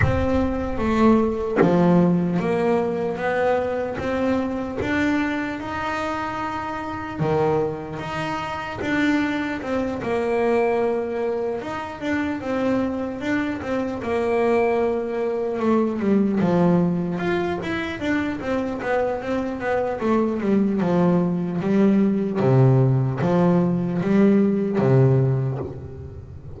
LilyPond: \new Staff \with { instrumentName = "double bass" } { \time 4/4 \tempo 4 = 75 c'4 a4 f4 ais4 | b4 c'4 d'4 dis'4~ | dis'4 dis4 dis'4 d'4 | c'8 ais2 dis'8 d'8 c'8~ |
c'8 d'8 c'8 ais2 a8 | g8 f4 f'8 e'8 d'8 c'8 b8 | c'8 b8 a8 g8 f4 g4 | c4 f4 g4 c4 | }